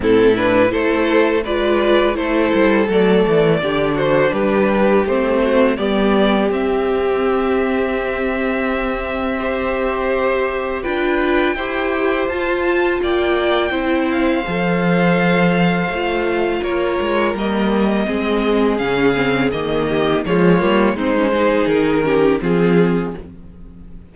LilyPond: <<
  \new Staff \with { instrumentName = "violin" } { \time 4/4 \tempo 4 = 83 a'8 b'8 c''4 d''4 c''4 | d''4. c''8 b'4 c''4 | d''4 e''2.~ | e''2. g''4~ |
g''4 a''4 g''4. f''8~ | f''2. cis''4 | dis''2 f''4 dis''4 | cis''4 c''4 ais'4 gis'4 | }
  \new Staff \with { instrumentName = "violin" } { \time 4/4 e'4 a'4 b'4 a'4~ | a'4 g'8 fis'8 g'4. fis'8 | g'1~ | g'4 c''2 b'4 |
c''2 d''4 c''4~ | c''2. ais'4~ | ais'4 gis'2~ gis'8 g'8 | f'4 dis'8 gis'4 g'8 f'4 | }
  \new Staff \with { instrumentName = "viola" } { \time 4/4 c'8 d'8 e'4 f'4 e'4 | a4 d'2 c'4 | b4 c'2.~ | c'4 g'2 f'4 |
g'4 f'2 e'4 | a'2 f'2 | ais4 c'4 cis'8 c'8 ais4 | gis8 ais8 c'16 cis'16 dis'4 cis'8 c'4 | }
  \new Staff \with { instrumentName = "cello" } { \time 4/4 a,4 a4 gis4 a8 g8 | fis8 e8 d4 g4 a4 | g4 c'2.~ | c'2. d'4 |
e'4 f'4 ais4 c'4 | f2 a4 ais8 gis8 | g4 gis4 cis4 dis4 | f8 g8 gis4 dis4 f4 | }
>>